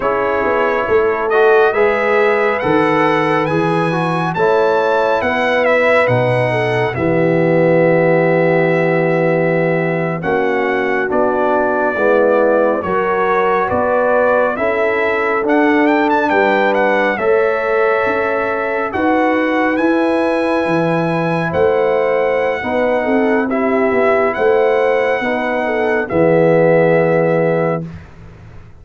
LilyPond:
<<
  \new Staff \with { instrumentName = "trumpet" } { \time 4/4 \tempo 4 = 69 cis''4. dis''8 e''4 fis''4 | gis''4 a''4 fis''8 e''8 fis''4 | e''2.~ e''8. fis''16~ | fis''8. d''2 cis''4 d''16~ |
d''8. e''4 fis''8 g''16 a''16 g''8 fis''8 e''16~ | e''4.~ e''16 fis''4 gis''4~ gis''16~ | gis''8. fis''2~ fis''16 e''4 | fis''2 e''2 | }
  \new Staff \with { instrumentName = "horn" } { \time 4/4 gis'4 a'4 b'2~ | b'4 cis''4 b'4. a'8 | g'2.~ g'8. fis'16~ | fis'4.~ fis'16 e'4 ais'4 b'16~ |
b'8. a'2 b'4 cis''16~ | cis''4.~ cis''16 b'2~ b'16~ | b'8. c''4~ c''16 b'8 a'8 g'4 | c''4 b'8 a'8 gis'2 | }
  \new Staff \with { instrumentName = "trombone" } { \time 4/4 e'4. fis'8 gis'4 a'4 | gis'8 fis'8 e'2 dis'4 | b2.~ b8. cis'16~ | cis'8. d'4 b4 fis'4~ fis'16~ |
fis'8. e'4 d'2 a'16~ | a'4.~ a'16 fis'4 e'4~ e'16~ | e'2 dis'4 e'4~ | e'4 dis'4 b2 | }
  \new Staff \with { instrumentName = "tuba" } { \time 4/4 cis'8 b8 a4 gis4 dis4 | e4 a4 b4 b,4 | e2.~ e8. ais16~ | ais8. b4 gis4 fis4 b16~ |
b8. cis'4 d'4 g4 a16~ | a8. cis'4 dis'4 e'4 e16~ | e8. a4~ a16 b8 c'4 b8 | a4 b4 e2 | }
>>